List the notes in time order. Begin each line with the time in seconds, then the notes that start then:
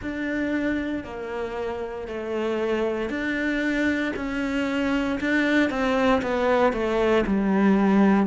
0.02 D4
1.03 A#3
2.07 A3
3.09 D4
4.16 C#4
5.20 D4
5.69 C4
6.22 B3
6.72 A3
7.26 G3